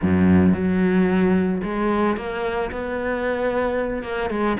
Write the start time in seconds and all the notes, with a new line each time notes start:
0.01 F#2
0.53 F#3
1.63 G#3
2.16 A#3
2.71 B3
4.02 A#3
4.29 G#3